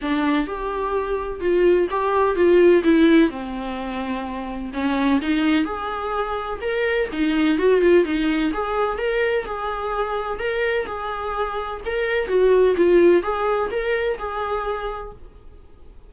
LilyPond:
\new Staff \with { instrumentName = "viola" } { \time 4/4 \tempo 4 = 127 d'4 g'2 f'4 | g'4 f'4 e'4 c'4~ | c'2 cis'4 dis'4 | gis'2 ais'4 dis'4 |
fis'8 f'8 dis'4 gis'4 ais'4 | gis'2 ais'4 gis'4~ | gis'4 ais'4 fis'4 f'4 | gis'4 ais'4 gis'2 | }